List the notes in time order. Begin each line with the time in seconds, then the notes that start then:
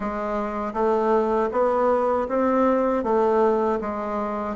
0.00 G#3
0.73 A3
1.51 B3
2.28 C4
3.03 A3
3.80 G#3